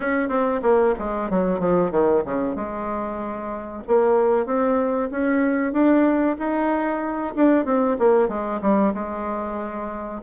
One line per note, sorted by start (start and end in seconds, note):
0.00 0.29 C#4
0.29 0.61 C4
0.62 0.94 A#3
0.99 1.29 G#3
1.29 1.59 F#3
1.59 1.91 F3
1.91 2.23 D#3
2.24 2.55 C#3
2.55 3.83 G#3
3.87 4.45 A#3
4.45 5.09 C4
5.11 5.72 C#4
5.72 6.36 D4
6.38 7.34 D#4
7.35 7.65 D4
7.65 7.97 C4
7.98 8.28 A#3
8.28 8.60 G#3
8.61 8.93 G3
8.94 10.21 G#3